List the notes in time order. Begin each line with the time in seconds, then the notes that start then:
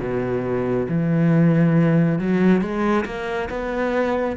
0.00 B2
0.89 E3
2.19 F#3
2.61 G#3
3.06 A#3
3.49 B3